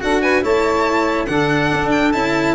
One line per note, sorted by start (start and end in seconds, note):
0.00 0.43 D4
0.00 0.42 F#4
0.00 0.21 A4
0.00 0.21 F#5
0.21 0.42 B4
0.21 0.43 G#5
0.42 1.28 A3
0.42 1.27 E4
0.42 1.27 C#5
0.42 1.25 A5
1.25 1.71 D3
1.25 2.14 D4
1.25 2.55 A4
1.25 1.89 F#5
1.73 2.15 D4
1.91 2.12 G5
2.12 2.55 C#4
2.12 2.55 E4
2.12 2.55 A5